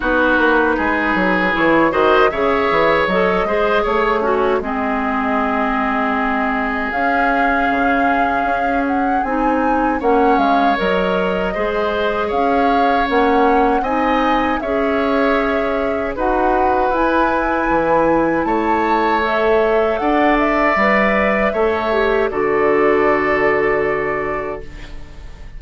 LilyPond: <<
  \new Staff \with { instrumentName = "flute" } { \time 4/4 \tempo 4 = 78 b'2 cis''8 dis''8 e''4 | dis''4 cis''4 dis''2~ | dis''4 f''2~ f''8 fis''8 | gis''4 fis''8 f''8 dis''2 |
f''4 fis''4 gis''4 e''4~ | e''4 fis''4 gis''2 | a''4 e''4 fis''8 e''4.~ | e''4 d''2. | }
  \new Staff \with { instrumentName = "oboe" } { \time 4/4 fis'4 gis'4. c''8 cis''4~ | cis''8 c''8 cis''8 cis'8 gis'2~ | gis'1~ | gis'4 cis''2 c''4 |
cis''2 dis''4 cis''4~ | cis''4 b'2. | cis''2 d''2 | cis''4 a'2. | }
  \new Staff \with { instrumentName = "clarinet" } { \time 4/4 dis'2 e'8 fis'8 gis'4 | a'8 gis'4 fis'8 c'2~ | c'4 cis'2. | dis'4 cis'4 ais'4 gis'4~ |
gis'4 cis'4 dis'4 gis'4~ | gis'4 fis'4 e'2~ | e'4 a'2 b'4 | a'8 g'8 fis'2. | }
  \new Staff \with { instrumentName = "bassoon" } { \time 4/4 b8 ais8 gis8 fis8 e8 dis8 cis8 e8 | fis8 gis8 a4 gis2~ | gis4 cis'4 cis4 cis'4 | c'4 ais8 gis8 fis4 gis4 |
cis'4 ais4 c'4 cis'4~ | cis'4 dis'4 e'4 e4 | a2 d'4 g4 | a4 d2. | }
>>